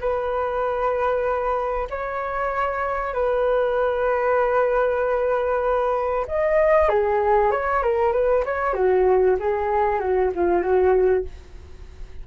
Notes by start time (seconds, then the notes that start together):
0.00 B4
1.90 C#5
3.13 B4
6.28 D#5
6.89 G#4
7.51 C#5
7.83 A#4
8.12 B4
8.45 C#5
8.74 F#4
9.39 G#4
9.99 F#4
10.35 F4
10.62 F#4